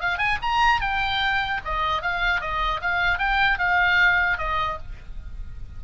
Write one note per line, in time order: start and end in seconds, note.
0.00 0.18 F5
0.18 0.38 G#5
0.42 0.80 A#5
0.80 1.60 G5
1.65 2.02 D#5
2.02 2.40 F5
2.40 2.80 D#5
2.81 3.18 F5
3.18 3.58 G5
3.58 4.38 F5
4.38 4.78 D#5